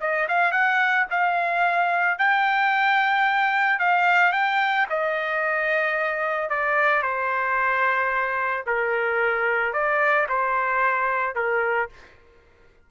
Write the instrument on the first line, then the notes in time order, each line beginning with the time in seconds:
trumpet
0.00 D#5
0.28 F5
0.51 F#5
1.10 F5
2.18 G5
3.79 F5
4.32 G5
4.89 D#5
6.49 D5
7.02 C5
8.66 A#4
9.73 D5
10.29 C5
11.35 A#4